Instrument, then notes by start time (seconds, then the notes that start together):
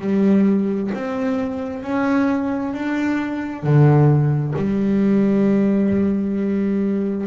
double bass
0.00 G3
0.95 C4
1.83 C#4
2.74 D4
3.63 D3
4.56 G3